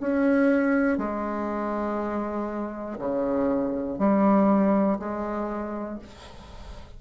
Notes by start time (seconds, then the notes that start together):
0.00 C#4
0.98 G#3
2.99 C#3
3.99 G3
5.00 G#3